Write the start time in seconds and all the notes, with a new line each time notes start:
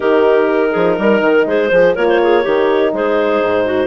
0.00 D#3 D#4 G4 A#4
0.71 F3 G#4
0.98 G3 A#4
1.21 D#3
1.46 G#3 G#4 C5
1.68 F3 G#4 C5
1.94 A#3 F4 A#4 C#5
2.08 C5
2.22 G#4
2.43 D#3 D#4 G4
2.92 G#3 G#4 C5
3.41 G#2
3.65 F#4